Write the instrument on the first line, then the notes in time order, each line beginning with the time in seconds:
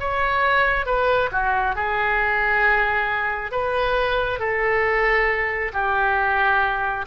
oboe
0.00 C#5
0.86 B4
1.32 F#4
1.76 G#4
3.52 B4
4.40 A4
5.73 G4